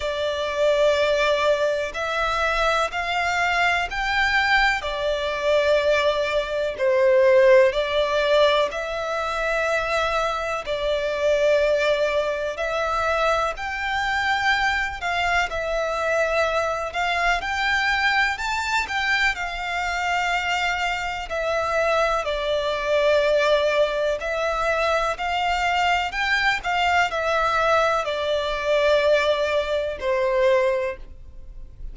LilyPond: \new Staff \with { instrumentName = "violin" } { \time 4/4 \tempo 4 = 62 d''2 e''4 f''4 | g''4 d''2 c''4 | d''4 e''2 d''4~ | d''4 e''4 g''4. f''8 |
e''4. f''8 g''4 a''8 g''8 | f''2 e''4 d''4~ | d''4 e''4 f''4 g''8 f''8 | e''4 d''2 c''4 | }